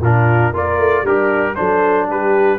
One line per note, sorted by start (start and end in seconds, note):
0.00 0.52 A#2
0.00 0.53 D4
0.00 0.53 F4
0.00 0.55 A#4
0.53 0.78 A#3
0.53 1.05 F4
0.53 1.05 A#4
0.53 1.06 D5
0.78 1.02 A3
1.02 1.54 G3
1.02 1.57 D4
1.02 1.56 G4
1.02 1.55 A#4
1.55 2.08 F#3
1.55 2.59 D4
1.55 2.07 A4
1.55 2.07 C5
2.07 2.59 G3
2.07 2.59 G4
2.07 2.59 B4